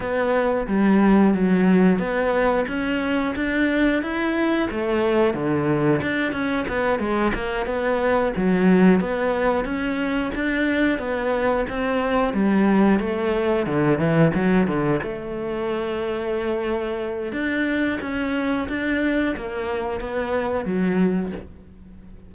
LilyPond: \new Staff \with { instrumentName = "cello" } { \time 4/4 \tempo 4 = 90 b4 g4 fis4 b4 | cis'4 d'4 e'4 a4 | d4 d'8 cis'8 b8 gis8 ais8 b8~ | b8 fis4 b4 cis'4 d'8~ |
d'8 b4 c'4 g4 a8~ | a8 d8 e8 fis8 d8 a4.~ | a2 d'4 cis'4 | d'4 ais4 b4 fis4 | }